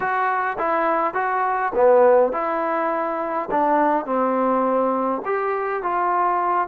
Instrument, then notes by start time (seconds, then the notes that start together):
trombone
0.00 F#4
0.58 E4
1.14 F#4
1.74 B3
2.32 E4
3.51 D4
4.05 C4
5.25 G4
5.82 F4